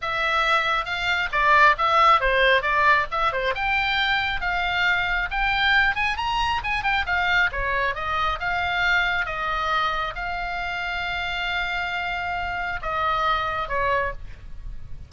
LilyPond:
\new Staff \with { instrumentName = "oboe" } { \time 4/4 \tempo 4 = 136 e''2 f''4 d''4 | e''4 c''4 d''4 e''8 c''8 | g''2 f''2 | g''4. gis''8 ais''4 gis''8 g''8 |
f''4 cis''4 dis''4 f''4~ | f''4 dis''2 f''4~ | f''1~ | f''4 dis''2 cis''4 | }